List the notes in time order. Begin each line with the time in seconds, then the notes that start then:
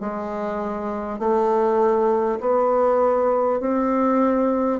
0.00 G#3
1.19 A3
2.41 B3
3.61 C4